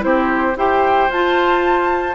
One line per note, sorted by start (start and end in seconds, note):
0.00 0.57 C4
0.00 0.54 E4
0.00 0.58 G4
0.00 0.57 C5
0.57 1.10 E4
0.57 1.11 G4
0.57 2.15 C5
0.57 1.12 G5
1.10 2.15 F4
1.10 2.15 A5